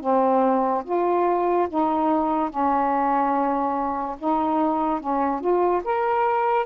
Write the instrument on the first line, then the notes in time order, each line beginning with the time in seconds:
saxophone
0.00 C4
0.84 F4
1.69 D#4
2.49 C#4
4.19 D#4
5.00 C#4
5.40 F4
5.84 A#4